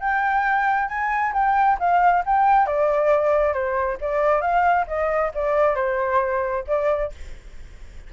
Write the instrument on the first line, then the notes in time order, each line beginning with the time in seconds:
flute
0.00 G5
0.88 G#5
1.33 G5
1.79 F5
2.25 G5
2.66 D5
3.53 C5
4.01 D5
4.41 F5
4.87 D#5
5.34 D5
5.75 C5
6.67 D5